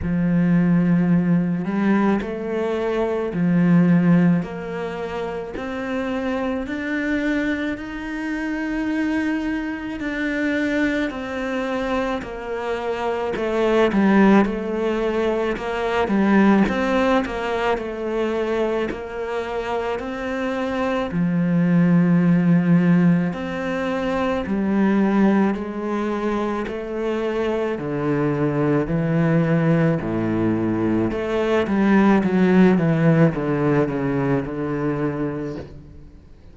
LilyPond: \new Staff \with { instrumentName = "cello" } { \time 4/4 \tempo 4 = 54 f4. g8 a4 f4 | ais4 c'4 d'4 dis'4~ | dis'4 d'4 c'4 ais4 | a8 g8 a4 ais8 g8 c'8 ais8 |
a4 ais4 c'4 f4~ | f4 c'4 g4 gis4 | a4 d4 e4 a,4 | a8 g8 fis8 e8 d8 cis8 d4 | }